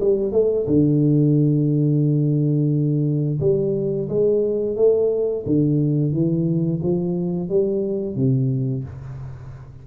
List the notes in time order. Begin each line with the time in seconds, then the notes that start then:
0.00 G3
0.32 A3
0.67 D3
3.40 G3
4.09 G#3
4.76 A3
5.46 D3
6.12 E3
6.83 F3
7.49 G3
8.16 C3